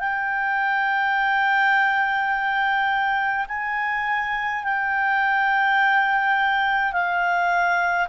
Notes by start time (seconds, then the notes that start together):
0.00 G5
3.49 G#5
4.64 G5
6.93 F5